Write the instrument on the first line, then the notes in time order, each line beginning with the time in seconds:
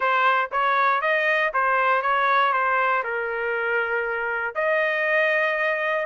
trumpet
0.00 C5
0.51 C#5
1.01 D#5
1.53 C5
2.02 C#5
2.52 C5
3.03 A#4
4.54 D#5